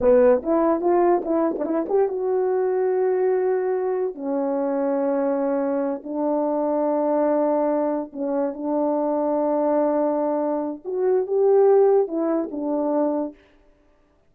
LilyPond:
\new Staff \with { instrumentName = "horn" } { \time 4/4 \tempo 4 = 144 b4 e'4 f'4 e'8. d'16 | e'8 g'8 fis'2.~ | fis'2 cis'2~ | cis'2~ cis'8 d'4.~ |
d'2.~ d'8 cis'8~ | cis'8 d'2.~ d'8~ | d'2 fis'4 g'4~ | g'4 e'4 d'2 | }